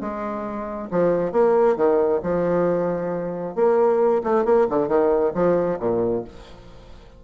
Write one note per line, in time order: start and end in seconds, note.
0.00 0.89 G#3
0.91 1.32 F3
1.32 1.76 A#3
1.76 2.21 D#3
2.23 3.55 F3
3.55 4.22 A#3
4.23 4.45 A3
4.45 4.67 A#3
4.69 4.88 D3
4.88 5.32 D#3
5.34 5.79 F3
5.79 6.24 A#2